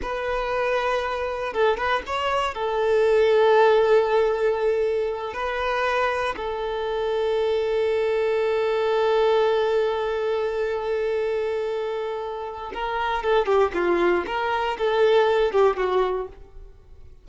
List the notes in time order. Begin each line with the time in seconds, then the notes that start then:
0.02 B4
1.53 A4
1.77 B4
2.06 C#5
2.54 A4
5.33 B4
6.36 A4
12.74 A#4
13.23 A4
13.46 G4
13.74 F4
14.26 A#4
14.77 A4
15.52 G4
15.77 F#4